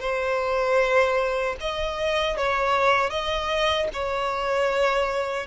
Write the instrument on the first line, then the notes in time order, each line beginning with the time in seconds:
violin
0.00 C5
1.60 D#5
2.37 C#5
3.10 D#5
3.93 C#5